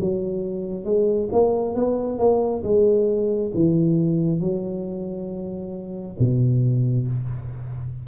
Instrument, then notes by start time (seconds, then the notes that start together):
tuba
0.00 F#3
0.85 G#3
1.32 A#3
1.75 B3
2.19 A#3
2.63 G#3
3.54 E3
4.40 F#3
6.19 B2